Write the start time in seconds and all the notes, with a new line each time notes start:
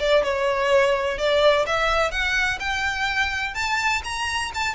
0.00 D5
0.24 C#5
1.18 D5
1.67 E5
2.12 F#5
2.60 G5
3.55 A5
4.05 A#5
4.55 A5